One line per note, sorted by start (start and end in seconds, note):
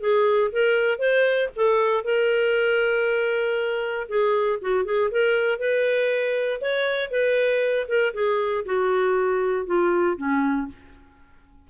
0.00 0.51 G#4
0.51 0.98 A#4
0.98 1.49 C5
1.56 2.04 A4
2.04 4.07 A#4
4.08 4.59 G#4
4.61 4.85 F#4
4.85 5.10 G#4
5.11 5.59 A#4
5.59 6.60 B4
6.61 7.10 C#5
7.10 7.87 B4
7.88 8.13 A#4
8.14 8.64 G#4
8.65 9.66 F#4
9.66 10.16 F4
10.16 10.67 C#4